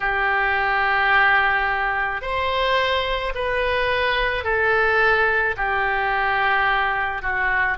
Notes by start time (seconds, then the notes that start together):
0.00 G4
2.21 C5
3.34 B4
4.44 A4
5.56 G4
7.22 F#4